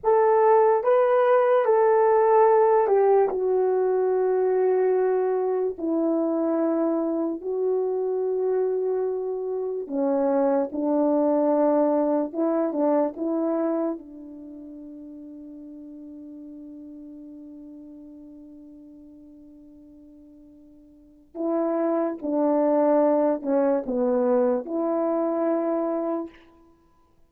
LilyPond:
\new Staff \with { instrumentName = "horn" } { \time 4/4 \tempo 4 = 73 a'4 b'4 a'4. g'8 | fis'2. e'4~ | e'4 fis'2. | cis'4 d'2 e'8 d'8 |
e'4 d'2.~ | d'1~ | d'2 e'4 d'4~ | d'8 cis'8 b4 e'2 | }